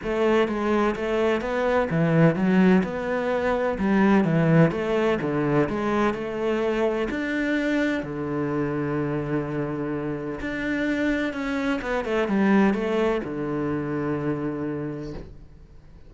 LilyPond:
\new Staff \with { instrumentName = "cello" } { \time 4/4 \tempo 4 = 127 a4 gis4 a4 b4 | e4 fis4 b2 | g4 e4 a4 d4 | gis4 a2 d'4~ |
d'4 d2.~ | d2 d'2 | cis'4 b8 a8 g4 a4 | d1 | }